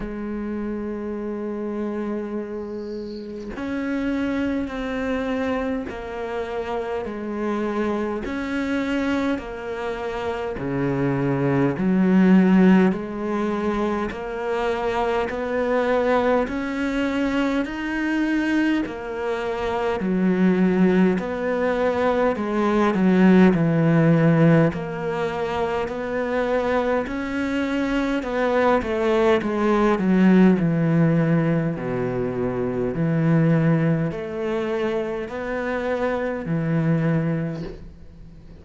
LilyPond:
\new Staff \with { instrumentName = "cello" } { \time 4/4 \tempo 4 = 51 gis2. cis'4 | c'4 ais4 gis4 cis'4 | ais4 cis4 fis4 gis4 | ais4 b4 cis'4 dis'4 |
ais4 fis4 b4 gis8 fis8 | e4 ais4 b4 cis'4 | b8 a8 gis8 fis8 e4 b,4 | e4 a4 b4 e4 | }